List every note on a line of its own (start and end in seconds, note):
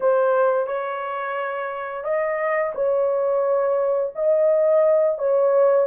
0.00 0.66 C5
0.66 2.03 C#5
2.03 2.72 D#5
2.75 4.13 C#5
4.15 5.18 D#5
5.18 5.87 C#5